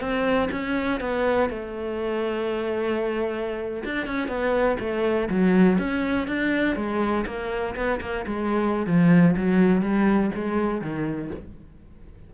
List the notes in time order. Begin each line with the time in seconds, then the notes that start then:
0.00 C4
0.51 C#4
1.00 B3
1.50 A3
3.85 D4
4.06 C#4
4.28 B3
4.79 A3
5.30 F#3
5.78 C#4
6.27 D4
6.76 G#3
7.26 A#3
7.75 B3
8.01 A#3
8.26 G#3
8.86 F3
9.37 F#3
9.82 G3
10.35 G#3
10.81 D#3